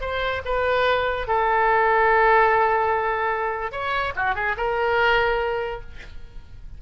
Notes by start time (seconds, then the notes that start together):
0.00 C5
0.45 B4
1.27 A4
3.71 C#5
4.15 F#4
4.35 G#4
4.57 A#4